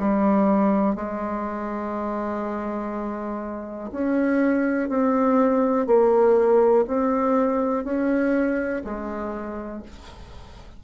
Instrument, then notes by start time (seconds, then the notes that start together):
bassoon
0.00 G3
0.96 G#3
3.92 C#4
4.90 C4
5.87 A#3
6.88 C4
7.85 C#4
8.85 G#3